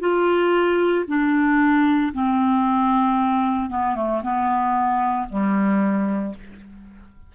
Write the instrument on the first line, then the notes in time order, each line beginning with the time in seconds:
clarinet
0.00 F4
1.08 D4
2.13 C4
3.70 B3
3.96 A3
4.22 B3
5.29 G3